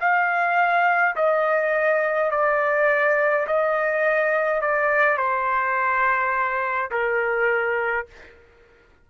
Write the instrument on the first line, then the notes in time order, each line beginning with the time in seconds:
trumpet
0.00 F5
1.16 D#5
2.31 D5
3.47 D#5
4.62 D5
5.18 C5
6.91 A#4